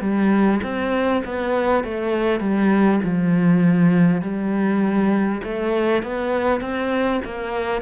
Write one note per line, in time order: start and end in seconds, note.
0.00 0.60 G3
0.63 1.23 C4
1.24 1.84 B3
1.84 2.39 A3
2.39 2.99 G3
3.03 4.21 F3
4.21 5.41 G3
5.43 6.03 A3
6.03 6.61 B3
6.61 7.21 C4
7.25 7.82 A#3